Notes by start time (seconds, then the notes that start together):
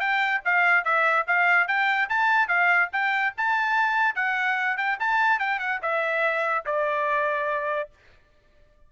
0.00 G5
0.45 F5
0.84 E5
1.27 F5
1.68 G5
2.09 A5
2.48 F5
2.93 G5
3.37 A5
4.15 F#5
4.77 G5
5.00 A5
5.39 G5
5.59 F#5
5.82 E5
6.66 D5